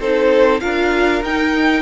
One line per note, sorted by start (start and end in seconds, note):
0.00 0.61 C4
0.00 0.61 D#4
0.00 0.61 A4
0.00 0.61 C5
0.61 1.23 D4
0.61 1.22 F4
0.61 1.82 A#4
0.61 1.22 F5
1.23 1.82 D#4
1.23 1.82 G5